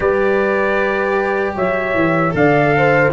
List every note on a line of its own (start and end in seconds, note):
0.00 1.54 G3
0.00 2.30 G4
0.00 1.55 B4
0.00 1.55 D5
1.55 1.94 F#3
1.55 2.33 C#5
1.55 2.35 E5
1.94 2.33 E3
2.30 3.11 D3
2.30 3.08 A4
2.30 3.12 F5
2.36 2.75 D5
2.77 3.12 C5